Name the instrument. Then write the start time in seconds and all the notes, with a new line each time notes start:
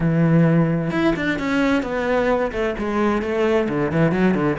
cello
0.00 E3
0.91 E4
1.16 D4
1.39 C#4
1.82 B3
2.51 A3
2.78 G#3
3.22 A3
3.68 D3
3.91 E3
4.11 F#3
4.34 D3